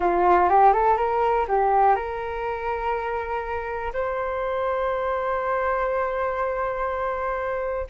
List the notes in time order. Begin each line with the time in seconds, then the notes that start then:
0.00 F4
0.49 G4
0.72 A4
0.97 A#4
1.48 G4
1.95 A#4
3.93 C5